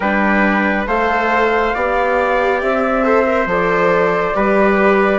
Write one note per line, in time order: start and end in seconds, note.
0.00 0.86 G3
0.00 0.86 D4
0.00 0.87 B4
0.00 0.84 G5
0.86 1.74 A3
0.86 1.73 A4
0.86 1.74 C5
0.86 2.60 F5
1.74 2.62 B3
1.74 3.03 G4
1.74 3.05 D5
2.60 3.45 C4
2.60 3.47 E5
3.03 3.24 A4
3.03 4.36 C5
3.26 3.47 A#4
3.45 4.32 F3
3.45 4.34 A4
3.45 5.18 D5
4.34 5.18 G3
4.34 5.18 G4
4.34 5.18 B4